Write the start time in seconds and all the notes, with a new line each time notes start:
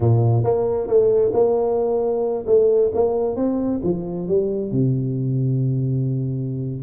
0.00 A#2
0.43 A#3
0.87 A3
1.33 A#3
2.46 A3
2.94 A#3
3.35 C4
3.83 F3
4.28 G3
4.71 C3